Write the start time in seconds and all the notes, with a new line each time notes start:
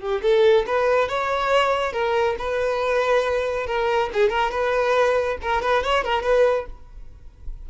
0.00 G4
0.23 A4
0.67 B4
1.09 C#5
1.93 A#4
2.39 B4
3.67 A#4
4.14 G#4
4.30 A#4
4.51 B4
5.42 A#4
5.62 B4
5.84 C#5
6.05 A#4
6.23 B4